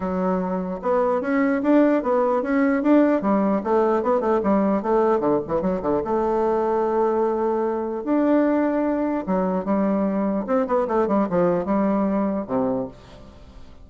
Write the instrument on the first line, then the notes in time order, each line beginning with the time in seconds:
bassoon
0.00 F#3
0.82 B3
1.21 C#4
1.62 D4
2.02 B3
2.42 C#4
2.83 D4
3.21 G3
3.63 A3
4.02 B3
4.20 A3
4.43 G3
4.82 A3
5.19 D3
5.47 E3
5.61 F#3
5.82 D3
6.04 A3
8.04 D4
9.26 F#3
9.65 G3
10.46 C4
10.67 B3
10.87 A3
11.07 G3
11.29 F3
11.65 G3
12.47 C3